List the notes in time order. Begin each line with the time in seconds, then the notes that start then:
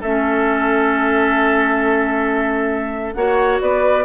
0.00 A3 C#4 A4 E5
3.14 A#3 F#4 C#5 F#5
3.61 B3 B4 D5